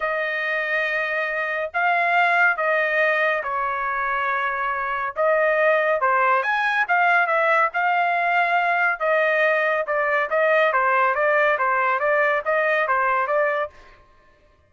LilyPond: \new Staff \with { instrumentName = "trumpet" } { \time 4/4 \tempo 4 = 140 dis''1 | f''2 dis''2 | cis''1 | dis''2 c''4 gis''4 |
f''4 e''4 f''2~ | f''4 dis''2 d''4 | dis''4 c''4 d''4 c''4 | d''4 dis''4 c''4 d''4 | }